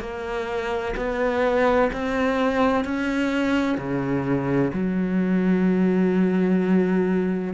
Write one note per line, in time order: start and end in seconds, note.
0.00 0.94 A#3
0.96 1.90 B3
1.92 2.84 C4
2.84 3.78 C#4
3.78 4.71 C#3
4.73 7.53 F#3